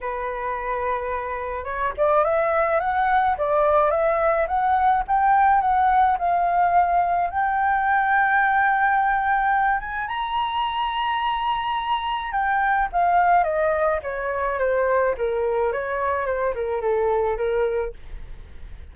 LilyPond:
\new Staff \with { instrumentName = "flute" } { \time 4/4 \tempo 4 = 107 b'2. cis''8 d''8 | e''4 fis''4 d''4 e''4 | fis''4 g''4 fis''4 f''4~ | f''4 g''2.~ |
g''4. gis''8 ais''2~ | ais''2 g''4 f''4 | dis''4 cis''4 c''4 ais'4 | cis''4 c''8 ais'8 a'4 ais'4 | }